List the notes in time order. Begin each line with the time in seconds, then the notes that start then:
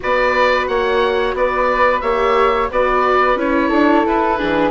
0.00 B3 F#4 B4 D5
0.67 A#3 C#5 F#5
1.33 B3 B4 D5
2.00 A#3 G4 C#5 E5
2.70 B3 F#4 B4 D5
3.35 C#4 E4 C#5
3.69 D4 A4
4.06 E4 B4
4.38 E3 D4 G#4